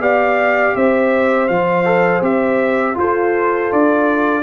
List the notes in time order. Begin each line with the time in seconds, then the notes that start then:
0.00 B3 G4 D5 F5
0.76 C4 C5 E5
1.49 F3 F4 F5
1.85 A4
2.22 C4 G4 E5
2.95 F4 A4 C5
3.73 D4 D5